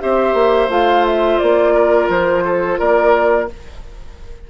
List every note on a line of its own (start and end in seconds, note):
0.00 0.34 C4
0.00 0.69 G4
0.00 1.74 C5
0.00 0.70 E5
0.34 0.69 A#3
0.69 1.39 A3
0.69 3.49 F4
0.69 1.06 F5
1.07 1.39 E5
1.39 2.09 A#3
1.39 2.09 D5
1.74 2.44 A#4
2.09 2.79 F3
2.09 2.80 C5
2.45 2.79 A4
2.79 3.51 A#3
2.79 3.49 A#4
2.79 3.49 D5